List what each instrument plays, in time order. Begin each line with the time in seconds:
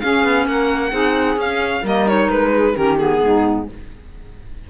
0.00 clarinet C#4, cello C#4, saxophone G#4, violin F5
0.24 cello B3
0.47 cello A#3, saxophone A#4, violin F#5
0.91 cello C4, clarinet D#4, saxophone G#4
1.36 cello C#4, clarinet C#4, violin F5
1.82 cello G3, clarinet A#3, saxophone A#4, violin D#5
2.07 clarinet D#4, violin C#5
2.30 cello G#3, violin B4
2.55 saxophone G#4
2.73 cello D#3, clarinet C#4, saxophone G4, violin A#4
2.98 clarinet B3, violin G#4
3.23 cello G#2, saxophone D#4